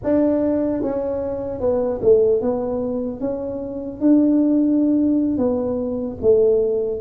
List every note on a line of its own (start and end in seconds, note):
0.03 0.82 D4
0.82 1.60 C#4
1.60 2.00 B3
2.01 2.41 A3
2.41 3.20 B3
3.20 4.00 C#4
4.00 5.37 D4
5.37 6.17 B3
6.21 7.00 A3